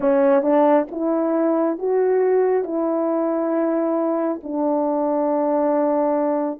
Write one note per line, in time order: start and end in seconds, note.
0.00 0.42 C#4
0.42 0.86 D4
0.91 1.78 E4
1.78 2.64 F#4
2.64 4.40 E4
4.43 6.60 D4